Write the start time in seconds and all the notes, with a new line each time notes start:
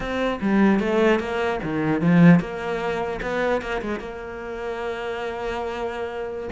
0.00 C4
0.41 G3
0.79 A3
1.19 A#3
1.63 D#3
2.01 F3
2.40 A#3
3.22 B3
3.61 A#3
3.81 G#3
3.99 A#3